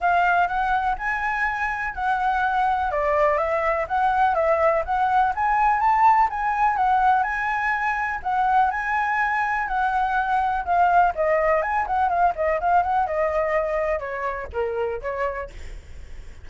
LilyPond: \new Staff \with { instrumentName = "flute" } { \time 4/4 \tempo 4 = 124 f''4 fis''4 gis''2 | fis''2 d''4 e''4 | fis''4 e''4 fis''4 gis''4 | a''4 gis''4 fis''4 gis''4~ |
gis''4 fis''4 gis''2 | fis''2 f''4 dis''4 | gis''8 fis''8 f''8 dis''8 f''8 fis''8 dis''4~ | dis''4 cis''4 ais'4 cis''4 | }